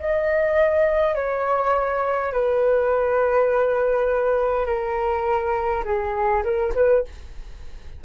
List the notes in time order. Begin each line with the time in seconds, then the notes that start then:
0.00 D#5
1.15 C#5
2.33 B4
4.66 A#4
5.84 G#4
6.44 A#4
6.75 B4